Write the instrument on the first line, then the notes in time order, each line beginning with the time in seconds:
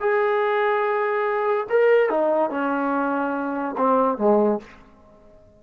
trombone
0.00 G#4
1.69 A#4
2.09 D#4
2.50 C#4
3.77 C4
4.18 G#3